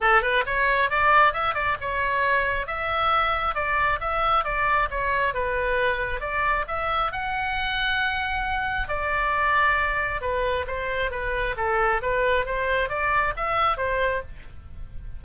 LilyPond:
\new Staff \with { instrumentName = "oboe" } { \time 4/4 \tempo 4 = 135 a'8 b'8 cis''4 d''4 e''8 d''8 | cis''2 e''2 | d''4 e''4 d''4 cis''4 | b'2 d''4 e''4 |
fis''1 | d''2. b'4 | c''4 b'4 a'4 b'4 | c''4 d''4 e''4 c''4 | }